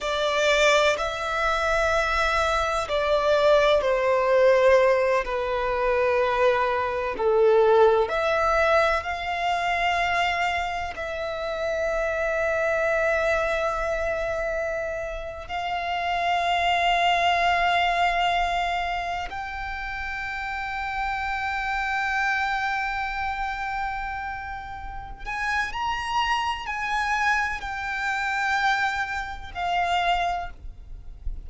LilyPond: \new Staff \with { instrumentName = "violin" } { \time 4/4 \tempo 4 = 63 d''4 e''2 d''4 | c''4. b'2 a'8~ | a'8 e''4 f''2 e''8~ | e''1~ |
e''16 f''2.~ f''8.~ | f''16 g''2.~ g''8.~ | g''2~ g''8 gis''8 ais''4 | gis''4 g''2 f''4 | }